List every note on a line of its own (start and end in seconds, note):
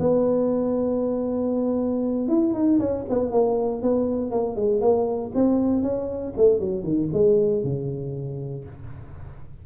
0.00 2.28 B3
2.28 2.54 E4
2.54 2.79 D#4
2.80 3.05 C#4
3.10 3.31 B3
3.31 3.82 A#3
3.82 4.31 B3
4.31 4.56 A#3
4.56 4.81 G#3
4.81 5.32 A#3
5.35 5.83 C4
5.83 6.34 C#4
6.37 6.60 A3
6.60 6.84 F#3
6.84 7.09 D#3
7.13 7.63 G#3
7.63 8.65 C#3